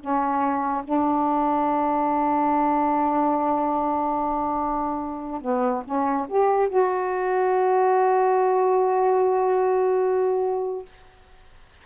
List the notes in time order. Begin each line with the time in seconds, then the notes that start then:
0.00 C#4
0.84 D4
5.42 B3
5.85 C#4
6.29 G4
6.69 F#4